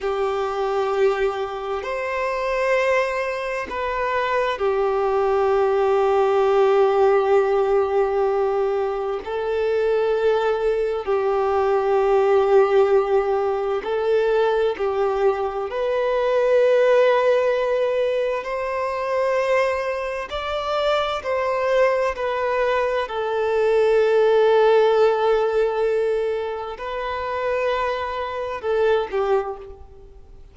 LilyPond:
\new Staff \with { instrumentName = "violin" } { \time 4/4 \tempo 4 = 65 g'2 c''2 | b'4 g'2.~ | g'2 a'2 | g'2. a'4 |
g'4 b'2. | c''2 d''4 c''4 | b'4 a'2.~ | a'4 b'2 a'8 g'8 | }